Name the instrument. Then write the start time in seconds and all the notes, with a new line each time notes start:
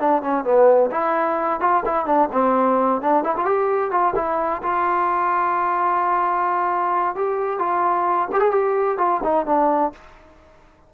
trombone
0.00 D4
0.22 C#4
0.45 B3
0.91 E4
1.61 F4
1.86 E4
2.06 D4
2.32 C4
3.02 D4
3.24 E4
3.37 F4
3.46 G4
3.91 F4
4.16 E4
4.63 F4
7.16 G4
7.59 F4
8.32 G4
8.40 G#4
8.52 G4
8.98 F4
9.24 D#4
9.46 D4